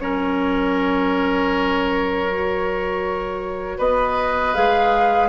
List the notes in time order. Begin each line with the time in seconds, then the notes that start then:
0.00 F#3 C#4 A#4 C#5
2.28 F#4
3.78 B3 B4 D#5
4.55 G#3 G#4 F5